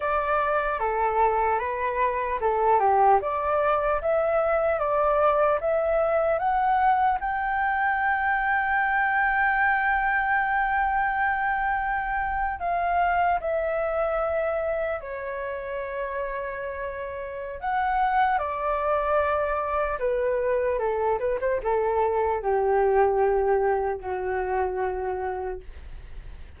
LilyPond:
\new Staff \with { instrumentName = "flute" } { \time 4/4 \tempo 4 = 75 d''4 a'4 b'4 a'8 g'8 | d''4 e''4 d''4 e''4 | fis''4 g''2.~ | g''2.~ g''8. f''16~ |
f''8. e''2 cis''4~ cis''16~ | cis''2 fis''4 d''4~ | d''4 b'4 a'8 b'16 c''16 a'4 | g'2 fis'2 | }